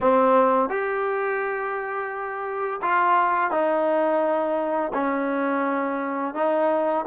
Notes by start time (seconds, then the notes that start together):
0.01 C4
0.69 G4
2.82 F4
3.51 D#4
4.93 C#4
6.34 D#4